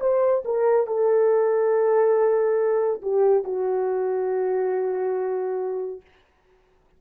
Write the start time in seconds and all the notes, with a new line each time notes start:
0.00 C5
0.45 A#4
0.87 A4
3.02 G4
3.44 F#4